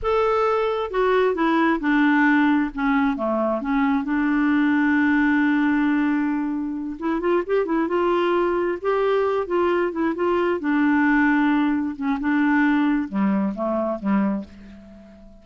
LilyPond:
\new Staff \with { instrumentName = "clarinet" } { \time 4/4 \tempo 4 = 133 a'2 fis'4 e'4 | d'2 cis'4 a4 | cis'4 d'2.~ | d'2.~ d'8 e'8 |
f'8 g'8 e'8 f'2 g'8~ | g'4 f'4 e'8 f'4 d'8~ | d'2~ d'8 cis'8 d'4~ | d'4 g4 a4 g4 | }